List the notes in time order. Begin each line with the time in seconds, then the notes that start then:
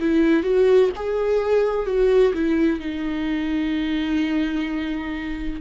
0.00 E4
0.43 F#4
0.96 G#4
1.87 F#4
2.34 E4
2.80 D#4